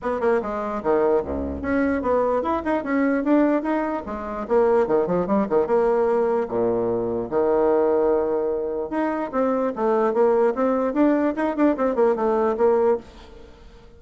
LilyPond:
\new Staff \with { instrumentName = "bassoon" } { \time 4/4 \tempo 4 = 148 b8 ais8 gis4 dis4 cis,4 | cis'4 b4 e'8 dis'8 cis'4 | d'4 dis'4 gis4 ais4 | dis8 f8 g8 dis8 ais2 |
ais,2 dis2~ | dis2 dis'4 c'4 | a4 ais4 c'4 d'4 | dis'8 d'8 c'8 ais8 a4 ais4 | }